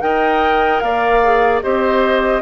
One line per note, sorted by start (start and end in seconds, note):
0.00 0.82 D#4
0.00 1.20 A#4
0.00 0.83 D#5
0.00 0.80 G5
0.80 1.62 A#3
0.80 1.63 D5
0.80 1.60 F5
1.23 1.62 G#4
1.62 2.42 C4
1.62 2.42 G4
1.62 2.42 C5
1.62 2.42 D#5